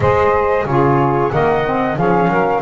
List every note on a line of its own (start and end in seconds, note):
0.00 0.64 G#3
0.00 0.66 G#4
0.00 0.67 C5
0.00 0.66 D#5
0.65 1.31 C#3
0.65 1.30 F4
0.65 1.33 G#4
0.65 1.31 C#5
1.30 1.96 D#3
1.30 1.63 A#3
1.30 1.98 D#5
1.30 1.97 F#5
1.66 1.96 C4
1.96 2.28 F3
1.96 2.61 C#4
1.96 2.29 G#4
1.96 2.61 F5
2.28 2.61 F#3
2.28 2.61 A#4